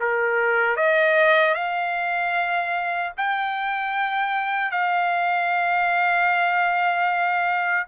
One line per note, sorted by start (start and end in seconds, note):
0.00 0.76 A#4
0.76 1.54 D#5
1.54 3.12 F5
3.17 4.71 G5
4.71 7.87 F5